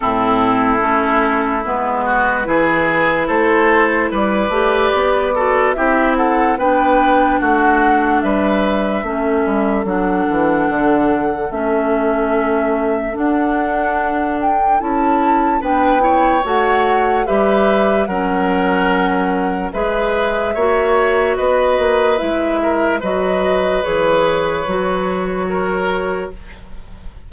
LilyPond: <<
  \new Staff \with { instrumentName = "flute" } { \time 4/4 \tempo 4 = 73 a'2 b'2 | c''4 d''2 e''8 fis''8 | g''4 fis''4 e''2 | fis''2 e''2 |
fis''4. g''8 a''4 g''4 | fis''4 e''4 fis''2 | e''2 dis''4 e''4 | dis''4 cis''2. | }
  \new Staff \with { instrumentName = "oboe" } { \time 4/4 e'2~ e'8 fis'8 gis'4 | a'4 b'4. a'8 g'8 a'8 | b'4 fis'4 b'4 a'4~ | a'1~ |
a'2. b'8 cis''8~ | cis''4 b'4 ais'2 | b'4 cis''4 b'4. ais'8 | b'2. ais'4 | }
  \new Staff \with { instrumentName = "clarinet" } { \time 4/4 c'4 cis'4 b4 e'4~ | e'4. g'4 fis'8 e'4 | d'2. cis'4 | d'2 cis'2 |
d'2 e'4 d'8 e'8 | fis'4 g'4 cis'2 | gis'4 fis'2 e'4 | fis'4 gis'4 fis'2 | }
  \new Staff \with { instrumentName = "bassoon" } { \time 4/4 a,4 a4 gis4 e4 | a4 g8 a8 b4 c'4 | b4 a4 g4 a8 g8 | fis8 e8 d4 a2 |
d'2 cis'4 b4 | a4 g4 fis2 | gis4 ais4 b8 ais8 gis4 | fis4 e4 fis2 | }
>>